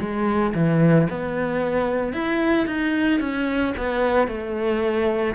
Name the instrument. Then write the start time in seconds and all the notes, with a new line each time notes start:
cello
0.00 G#3
0.55 E3
1.10 B3
2.13 E4
2.66 D#4
3.20 C#4
3.77 B3
4.28 A3